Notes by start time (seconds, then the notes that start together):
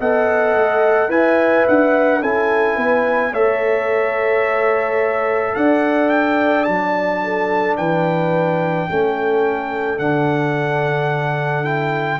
0.00 B3 A4 D#5 F#5
0.56 A3
1.09 E4 B4 E5 G#5
1.67 D4 F#5
2.22 C#4 E4 A4 G#5
2.76 B3 B4
3.32 A3 A4 C#5 E5
5.55 D4 D5 F#5
6.09 G5
6.64 F#3 D4 A5
7.24 A4
7.77 E3 B4 G5
8.89 A3 C#4 A4
9.99 D3 D4 F#5
11.64 E4 G5